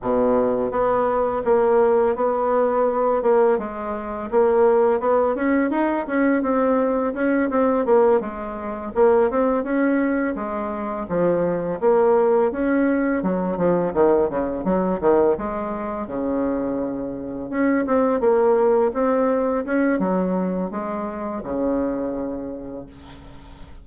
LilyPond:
\new Staff \with { instrumentName = "bassoon" } { \time 4/4 \tempo 4 = 84 b,4 b4 ais4 b4~ | b8 ais8 gis4 ais4 b8 cis'8 | dis'8 cis'8 c'4 cis'8 c'8 ais8 gis8~ | gis8 ais8 c'8 cis'4 gis4 f8~ |
f8 ais4 cis'4 fis8 f8 dis8 | cis8 fis8 dis8 gis4 cis4.~ | cis8 cis'8 c'8 ais4 c'4 cis'8 | fis4 gis4 cis2 | }